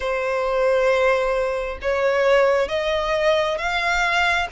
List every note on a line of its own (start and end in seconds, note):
0.00 1.78 C5
1.82 2.68 C#5
2.68 3.57 D#5
3.58 4.47 F5